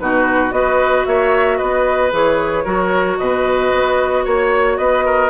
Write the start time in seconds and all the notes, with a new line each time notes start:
0.00 B2 D#4 F#4 B4
0.51 B3 F#4 B4 D#5
1.05 A#3 C#5 E5
1.58 B3 B4 D#5
2.12 E3 G#4 C#5
2.65 F#3 F#4 A#4
3.18 B2 B4 D#5
3.74 B3
4.25 A#3 C#5
4.78 B3 B4 D#5
5.05 A#4